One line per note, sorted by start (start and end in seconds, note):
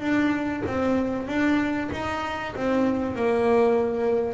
0.00 0.62 D4
0.67 1.28 C4
1.28 1.90 D4
1.93 2.55 D#4
2.56 3.16 C4
3.16 4.34 A#3